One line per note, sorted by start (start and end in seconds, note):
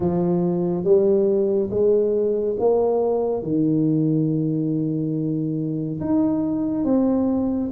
0.00 0.84 F3
0.84 1.69 G3
1.70 2.56 G#3
2.59 3.42 A#3
3.42 6.00 D#3
6.00 6.84 D#4
6.84 7.70 C4